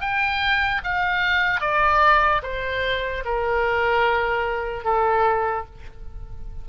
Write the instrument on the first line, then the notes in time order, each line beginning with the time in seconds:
oboe
0.00 G5
0.83 F5
1.60 D5
2.42 C5
3.25 A#4
4.84 A4